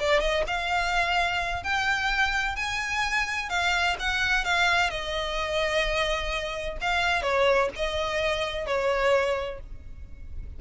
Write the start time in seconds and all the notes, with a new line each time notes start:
0.00 D5
0.20 D#5
0.47 F5
1.64 G5
2.56 G#5
3.50 F5
4.00 F#5
4.45 F5
4.90 D#5
6.81 F5
7.22 C#5
7.76 D#5
8.66 C#5